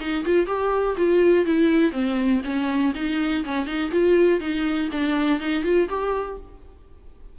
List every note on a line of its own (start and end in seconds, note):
0.00 0.25 D#4
0.25 0.47 F4
0.47 0.96 G4
0.97 1.46 F4
1.46 1.92 E4
1.92 2.41 C4
2.44 2.93 C#4
2.95 3.44 D#4
3.44 3.66 C#4
3.66 3.91 D#4
3.91 4.40 F4
4.40 4.89 D#4
4.92 5.40 D4
5.40 5.64 D#4
5.64 5.88 F4
5.89 6.38 G4